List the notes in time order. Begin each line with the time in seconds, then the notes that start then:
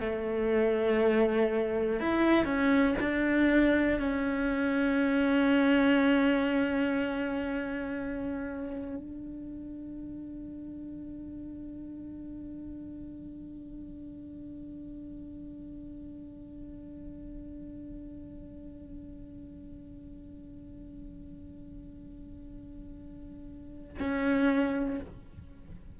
0.00 A3
2.00 E4
2.45 C#4
3.00 D4
3.99 C#4
8.96 D4
24.00 C#4